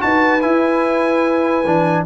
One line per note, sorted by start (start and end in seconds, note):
0.00 0.45 D#4
0.00 0.41 F#4
0.00 2.07 B4
0.00 0.41 A5
0.41 1.64 E4
0.41 1.65 E4
0.41 2.05 G#5
1.65 2.06 E3
1.65 2.07 D4